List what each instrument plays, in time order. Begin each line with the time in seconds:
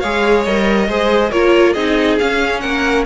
0.00 cello G#3, viola G#4, violin C#5 F5
0.45 cello G3, viola A#4, violin D#5
0.89 cello G#3, viola G#4, violin C5
1.30 cello A#3, viola F4, violin A#4 C#5
1.74 cello C4, viola D#4, violin G#4 D#5
2.19 viola C#4, cello C#4, violin F5
2.61 cello A#3, violin A#4 F#5